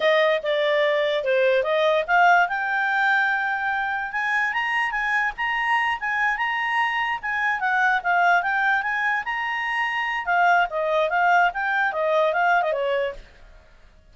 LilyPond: \new Staff \with { instrumentName = "clarinet" } { \time 4/4 \tempo 4 = 146 dis''4 d''2 c''4 | dis''4 f''4 g''2~ | g''2 gis''4 ais''4 | gis''4 ais''4. gis''4 ais''8~ |
ais''4. gis''4 fis''4 f''8~ | f''8 g''4 gis''4 ais''4.~ | ais''4 f''4 dis''4 f''4 | g''4 dis''4 f''8. dis''16 cis''4 | }